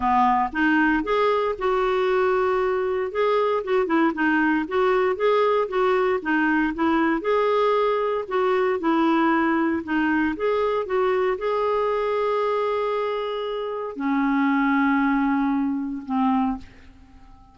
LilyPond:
\new Staff \with { instrumentName = "clarinet" } { \time 4/4 \tempo 4 = 116 b4 dis'4 gis'4 fis'4~ | fis'2 gis'4 fis'8 e'8 | dis'4 fis'4 gis'4 fis'4 | dis'4 e'4 gis'2 |
fis'4 e'2 dis'4 | gis'4 fis'4 gis'2~ | gis'2. cis'4~ | cis'2. c'4 | }